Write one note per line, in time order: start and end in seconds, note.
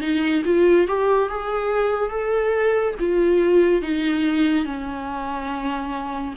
0.00 0.42 D#4
0.45 0.87 F4
0.87 1.29 G4
1.29 2.10 G#4
2.10 2.95 A4
2.99 3.81 F4
3.81 4.65 D#4
4.65 6.34 C#4